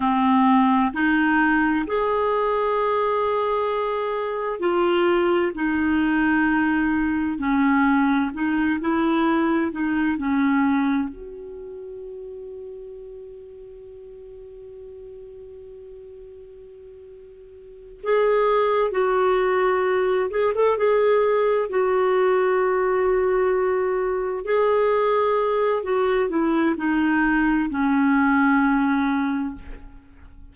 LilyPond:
\new Staff \with { instrumentName = "clarinet" } { \time 4/4 \tempo 4 = 65 c'4 dis'4 gis'2~ | gis'4 f'4 dis'2 | cis'4 dis'8 e'4 dis'8 cis'4 | fis'1~ |
fis'2.~ fis'8 gis'8~ | gis'8 fis'4. gis'16 a'16 gis'4 fis'8~ | fis'2~ fis'8 gis'4. | fis'8 e'8 dis'4 cis'2 | }